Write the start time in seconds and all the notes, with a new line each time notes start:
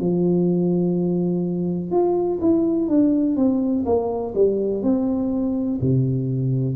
0.00 F3
1.91 F4
2.41 E4
2.88 D4
3.37 C4
3.86 A#3
4.35 G3
4.83 C4
5.81 C3